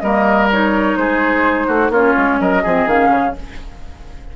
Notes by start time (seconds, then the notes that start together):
0.00 G3 A#3 A#4 D#5
0.52 D#4 C#5
0.96 G#3 G#4 C5
1.67 A3 F#4
1.90 A#3 C#4 F4 C#5
2.17 G#3
2.40 F#3 A#4 D#5
2.63 F3 C4 G#4
2.86 D#3 C#4 F5
3.10 C#3